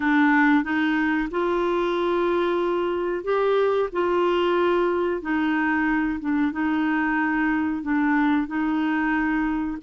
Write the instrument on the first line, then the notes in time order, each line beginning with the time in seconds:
clarinet
0.00 D4
0.63 D#4
1.30 F4
3.24 G4
3.92 F4
5.21 D#4
6.20 D4
6.52 D#4
7.82 D4
8.47 D#4